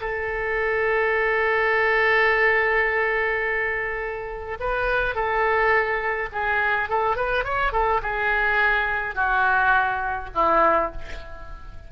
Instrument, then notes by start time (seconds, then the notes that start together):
oboe
0.00 A4
4.59 B4
5.15 A4
6.32 G#4
6.89 A4
7.16 B4
7.44 C#5
7.72 A4
8.02 G#4
9.15 F#4
10.34 E4